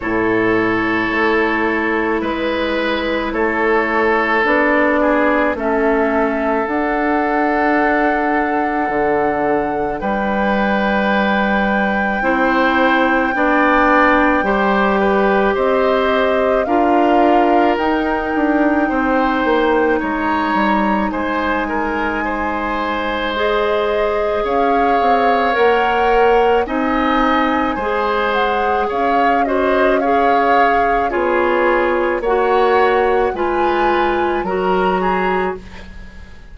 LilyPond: <<
  \new Staff \with { instrumentName = "flute" } { \time 4/4 \tempo 4 = 54 cis''2 b'4 cis''4 | d''4 e''4 fis''2~ | fis''4 g''2.~ | g''2 dis''4 f''4 |
g''2 ais''4 gis''4~ | gis''4 dis''4 f''4 fis''4 | gis''4. fis''8 f''8 dis''8 f''4 | cis''4 fis''4 gis''4 ais''4 | }
  \new Staff \with { instrumentName = "oboe" } { \time 4/4 a'2 b'4 a'4~ | a'8 gis'8 a'2.~ | a'4 b'2 c''4 | d''4 c''8 b'8 c''4 ais'4~ |
ais'4 c''4 cis''4 c''8 ais'8 | c''2 cis''2 | dis''4 c''4 cis''8 c''8 cis''4 | gis'4 cis''4 b'4 ais'8 gis'8 | }
  \new Staff \with { instrumentName = "clarinet" } { \time 4/4 e'1 | d'4 cis'4 d'2~ | d'2. e'4 | d'4 g'2 f'4 |
dis'1~ | dis'4 gis'2 ais'4 | dis'4 gis'4. fis'8 gis'4 | f'4 fis'4 f'4 fis'4 | }
  \new Staff \with { instrumentName = "bassoon" } { \time 4/4 a,4 a4 gis4 a4 | b4 a4 d'2 | d4 g2 c'4 | b4 g4 c'4 d'4 |
dis'8 d'8 c'8 ais8 gis8 g8 gis4~ | gis2 cis'8 c'8 ais4 | c'4 gis4 cis'2 | b4 ais4 gis4 fis4 | }
>>